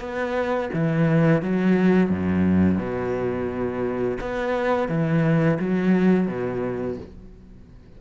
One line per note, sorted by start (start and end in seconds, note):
0.00 0.70 B3
0.74 1.42 E3
1.42 2.09 F#3
2.09 2.78 F#2
2.78 4.18 B2
4.21 4.88 B3
4.88 5.58 E3
5.59 6.27 F#3
6.27 6.97 B2